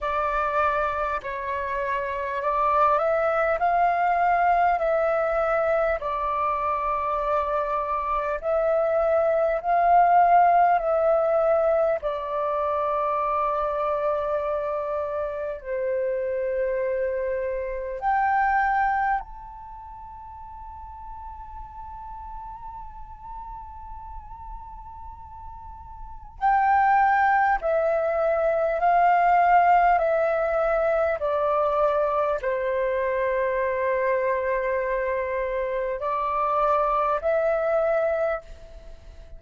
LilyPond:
\new Staff \with { instrumentName = "flute" } { \time 4/4 \tempo 4 = 50 d''4 cis''4 d''8 e''8 f''4 | e''4 d''2 e''4 | f''4 e''4 d''2~ | d''4 c''2 g''4 |
a''1~ | a''2 g''4 e''4 | f''4 e''4 d''4 c''4~ | c''2 d''4 e''4 | }